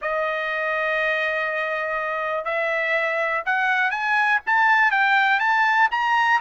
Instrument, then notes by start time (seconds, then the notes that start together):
trumpet
0.01 D#5
2.44 E5
3.45 F#5
3.91 G#5
4.46 A5
4.91 G5
5.39 A5
5.91 A#5